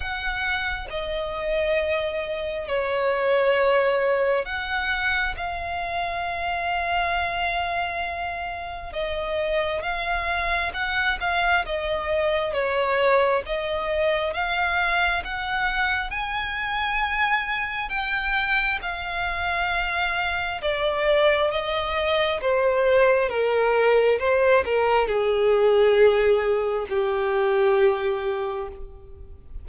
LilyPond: \new Staff \with { instrumentName = "violin" } { \time 4/4 \tempo 4 = 67 fis''4 dis''2 cis''4~ | cis''4 fis''4 f''2~ | f''2 dis''4 f''4 | fis''8 f''8 dis''4 cis''4 dis''4 |
f''4 fis''4 gis''2 | g''4 f''2 d''4 | dis''4 c''4 ais'4 c''8 ais'8 | gis'2 g'2 | }